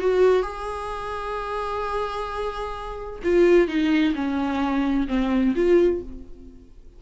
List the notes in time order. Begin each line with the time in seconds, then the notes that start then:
0.00 F#4
0.43 G#4
3.24 F4
3.68 D#4
4.15 C#4
5.08 C4
5.56 F4